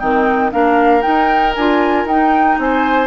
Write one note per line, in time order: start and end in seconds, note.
0.00 0.53 D#3
0.00 0.52 C4
0.00 0.51 D#4
0.00 0.51 G5
0.52 1.04 A#3
0.52 1.02 D4
0.52 2.59 A#4
0.52 1.02 F5
1.02 1.53 D#4
1.02 1.53 G5
1.08 1.57 D#4
1.55 2.05 D4
1.55 2.09 F4
1.55 2.07 G#5
2.05 2.57 D#4
2.05 3.08 D#4
2.05 2.59 G5
2.59 3.08 C4
2.59 3.08 C5
2.59 3.08 G#5